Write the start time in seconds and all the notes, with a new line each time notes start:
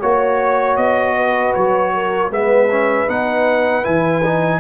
0.00 A#3 F#4 C#5
0.77 B3 D#5
1.16 B4
1.54 F#3 C#5
1.94 A#4
2.30 G#3 B3 B4 E5
2.71 C#4
3.07 B3 D#4 F#5
3.83 E3 E4 G#5
4.24 D#4